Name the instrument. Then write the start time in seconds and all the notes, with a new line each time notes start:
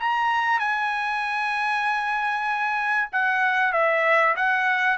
trumpet
0.00 A#5
0.59 G#5
3.12 F#5
3.73 E5
4.36 F#5